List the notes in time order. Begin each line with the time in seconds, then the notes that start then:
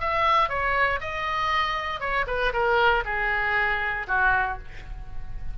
0.00 E5
0.49 C#5
1.01 D#5
2.00 C#5
2.27 B4
2.53 A#4
3.05 G#4
4.07 F#4